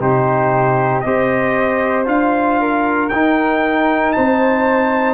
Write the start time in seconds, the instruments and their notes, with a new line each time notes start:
0.00 tuba C3, trombone D#4, flute G4, trumpet C5
1.01 tuba C4, trombone G4, flute C5, trumpet D#5
2.06 tuba D4, trombone F4, trumpet F5
2.61 flute A#4
3.09 tuba D#4, trombone D#4, trumpet G5
4.13 tuba C4, flute C5, trumpet A5